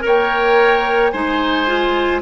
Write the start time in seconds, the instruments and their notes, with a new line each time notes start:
0.00 bassoon A#3, clarinet A#4, oboe C#5
0.07 flute G5
1.11 bassoon G#3, clarinet D#4, oboe C5, flute G#5
1.67 clarinet F4